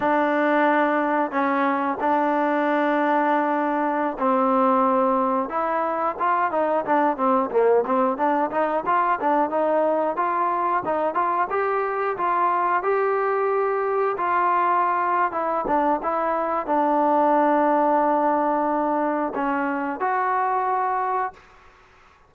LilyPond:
\new Staff \with { instrumentName = "trombone" } { \time 4/4 \tempo 4 = 90 d'2 cis'4 d'4~ | d'2~ d'16 c'4.~ c'16~ | c'16 e'4 f'8 dis'8 d'8 c'8 ais8 c'16~ | c'16 d'8 dis'8 f'8 d'8 dis'4 f'8.~ |
f'16 dis'8 f'8 g'4 f'4 g'8.~ | g'4~ g'16 f'4.~ f'16 e'8 d'8 | e'4 d'2.~ | d'4 cis'4 fis'2 | }